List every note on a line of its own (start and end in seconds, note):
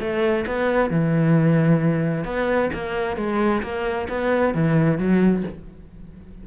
0.00 0.45 A3
0.46 0.90 B3
0.90 2.24 E3
2.24 2.70 B3
2.73 3.17 A#3
3.17 3.62 G#3
3.62 4.08 A#3
4.09 4.54 B3
4.54 4.98 E3
4.98 5.43 F#3